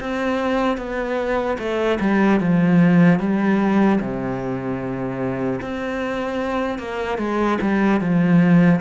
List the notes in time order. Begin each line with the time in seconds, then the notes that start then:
0.00 C4
0.77 B3
1.59 A3
2.00 G3
2.40 F3
3.19 G3
4.00 C3
5.61 C4
6.79 A#3
7.18 G#3
7.61 G3
8.00 F3